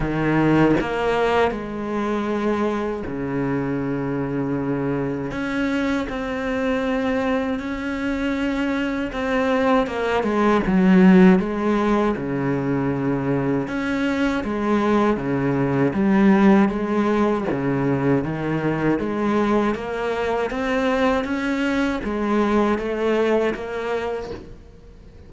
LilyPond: \new Staff \with { instrumentName = "cello" } { \time 4/4 \tempo 4 = 79 dis4 ais4 gis2 | cis2. cis'4 | c'2 cis'2 | c'4 ais8 gis8 fis4 gis4 |
cis2 cis'4 gis4 | cis4 g4 gis4 cis4 | dis4 gis4 ais4 c'4 | cis'4 gis4 a4 ais4 | }